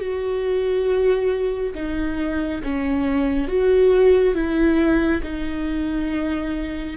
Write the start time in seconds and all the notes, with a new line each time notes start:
0.00 F#4
1.75 D#4
2.63 C#4
3.48 F#4
4.35 E4
5.23 D#4